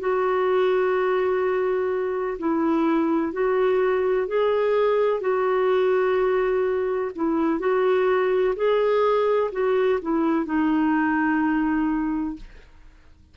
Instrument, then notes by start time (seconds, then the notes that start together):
clarinet
0.00 F#4
2.39 E4
3.32 F#4
4.28 G#4
5.21 F#4
7.16 E4
7.59 F#4
8.56 G#4
9.52 F#4
10.02 E4
10.46 D#4